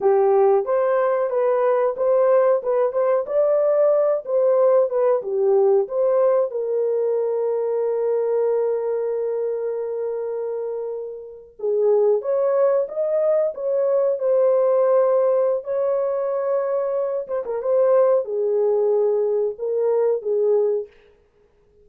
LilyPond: \new Staff \with { instrumentName = "horn" } { \time 4/4 \tempo 4 = 92 g'4 c''4 b'4 c''4 | b'8 c''8 d''4. c''4 b'8 | g'4 c''4 ais'2~ | ais'1~ |
ais'4.~ ais'16 gis'4 cis''4 dis''16~ | dis''8. cis''4 c''2~ c''16 | cis''2~ cis''8 c''16 ais'16 c''4 | gis'2 ais'4 gis'4 | }